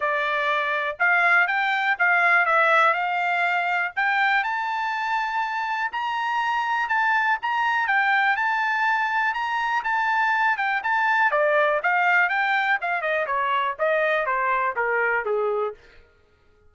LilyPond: \new Staff \with { instrumentName = "trumpet" } { \time 4/4 \tempo 4 = 122 d''2 f''4 g''4 | f''4 e''4 f''2 | g''4 a''2. | ais''2 a''4 ais''4 |
g''4 a''2 ais''4 | a''4. g''8 a''4 d''4 | f''4 g''4 f''8 dis''8 cis''4 | dis''4 c''4 ais'4 gis'4 | }